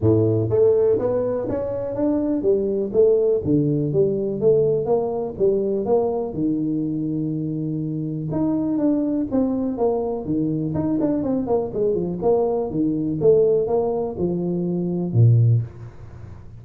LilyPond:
\new Staff \with { instrumentName = "tuba" } { \time 4/4 \tempo 4 = 123 a,4 a4 b4 cis'4 | d'4 g4 a4 d4 | g4 a4 ais4 g4 | ais4 dis2.~ |
dis4 dis'4 d'4 c'4 | ais4 dis4 dis'8 d'8 c'8 ais8 | gis8 f8 ais4 dis4 a4 | ais4 f2 ais,4 | }